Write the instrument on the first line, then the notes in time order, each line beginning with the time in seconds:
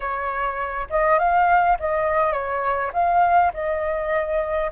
flute
0.00 C#5
0.90 D#5
1.18 F5
1.79 D#5
2.32 C#5
2.93 F5
3.53 D#5